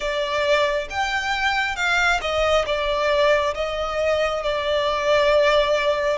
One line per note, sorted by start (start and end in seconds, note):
0.00 0.88 D5
0.89 1.76 G5
1.76 2.20 F5
2.21 2.65 D#5
2.66 3.54 D5
3.54 4.42 D#5
4.42 6.17 D5